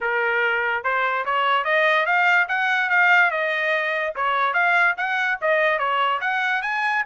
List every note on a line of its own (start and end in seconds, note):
0.01 0.83 A#4
0.83 1.25 C5
1.25 1.64 C#5
1.64 2.05 D#5
2.05 2.47 F5
2.48 2.89 F#5
2.89 3.30 F5
3.30 4.13 D#5
4.15 4.53 C#5
4.53 4.94 F5
4.97 5.38 F#5
5.41 5.78 D#5
5.78 6.20 C#5
6.20 6.62 F#5
6.62 7.03 G#5